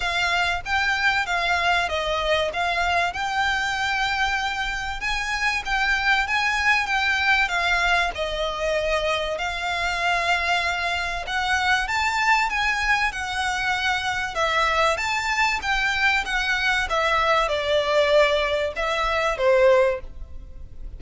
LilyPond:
\new Staff \with { instrumentName = "violin" } { \time 4/4 \tempo 4 = 96 f''4 g''4 f''4 dis''4 | f''4 g''2. | gis''4 g''4 gis''4 g''4 | f''4 dis''2 f''4~ |
f''2 fis''4 a''4 | gis''4 fis''2 e''4 | a''4 g''4 fis''4 e''4 | d''2 e''4 c''4 | }